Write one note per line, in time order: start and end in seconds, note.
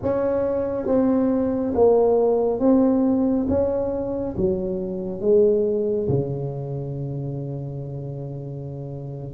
0.02 0.86 C#4
0.86 1.73 C4
1.74 2.59 A#3
2.59 3.46 C4
3.48 4.35 C#4
4.36 5.21 F#3
5.21 6.08 G#3
6.08 9.33 C#3